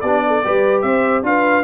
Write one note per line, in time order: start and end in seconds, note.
0.00 0.42 B3
0.00 0.44 D4
0.00 0.23 G4
0.00 0.81 D5
0.27 0.44 A4
0.44 0.83 G3
0.44 1.23 G4
0.44 0.85 B4
0.81 1.23 C4
0.81 1.25 C5
0.81 1.22 E5
1.23 1.63 D4
1.23 1.63 F4
1.23 1.63 B4
1.23 1.63 F5